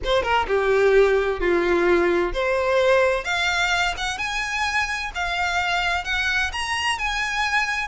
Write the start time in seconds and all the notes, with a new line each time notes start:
0.04 C5
0.23 A#4
0.47 G4
1.40 F4
2.33 C5
3.24 F5
3.97 F#5
4.18 G#5
5.14 F5
6.04 F#5
6.52 A#5
6.98 G#5